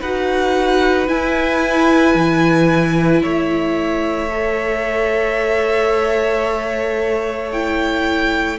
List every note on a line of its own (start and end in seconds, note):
0.00 1.08 D#4
0.00 1.07 F#4
0.00 3.21 B4
0.00 1.08 F#5
1.07 4.28 E4
1.07 2.15 E4
1.07 3.23 G#5
2.15 3.22 E3
3.22 8.58 A3
3.22 8.58 C#5
3.22 7.51 E5
4.30 7.51 A4
7.51 8.58 E4
7.51 8.58 G5